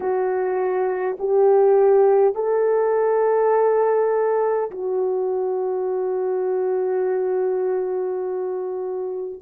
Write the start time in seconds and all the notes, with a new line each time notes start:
0.00 F#4
1.19 G4
2.35 A4
4.71 F#4